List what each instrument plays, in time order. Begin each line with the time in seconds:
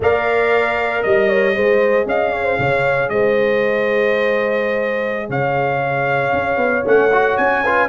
0.00 tuba A#3, trombone A#4, horn D5, trumpet F5
1.03 tuba G3, trumpet D#5, horn D#5
1.29 horn C#5
1.54 tuba G#3, trombone G#4, horn C5
2.05 tuba C#4, horn D#5, trumpet F5
2.32 horn C#5
2.44 horn C5
2.59 tuba C#3, horn C#5
3.09 tuba G#3, horn C5, trumpet D#5
5.28 tuba C#3, horn C#5, trumpet F5
6.32 tuba C#4
6.57 tuba B3
6.85 tuba A3, trombone C#4, trumpet F#5
7.12 trombone F#4
7.37 tuba C#4, trumpet G#5
7.62 trombone F4, horn B4